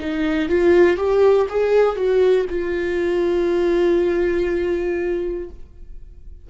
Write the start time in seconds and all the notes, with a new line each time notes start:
0.00 D#4
0.49 F4
0.97 G4
1.50 G#4
1.97 F#4
2.50 F4